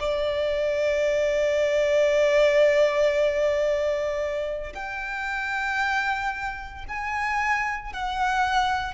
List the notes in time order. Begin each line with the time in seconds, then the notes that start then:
0.00 D5
4.75 G5
6.89 G#5
7.93 F#5